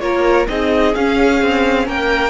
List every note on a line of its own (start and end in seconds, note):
0.00 0.47 A#3
0.00 0.47 F4
0.00 0.48 A#4
0.00 0.47 C#5
0.48 0.95 C4
0.48 0.95 D#4
0.48 1.86 G#4
0.48 0.94 D#5
0.95 2.30 C#4
0.95 1.42 C#4
0.95 1.88 F5
1.42 1.87 C4
1.86 2.30 A#3
1.86 2.30 A#4
1.86 2.30 G5